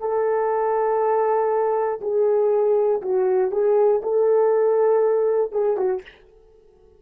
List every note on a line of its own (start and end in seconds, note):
0.00 2.00 A4
2.01 3.01 G#4
3.02 3.51 F#4
3.51 4.01 G#4
4.03 5.52 A4
5.52 5.77 G#4
5.77 6.02 F#4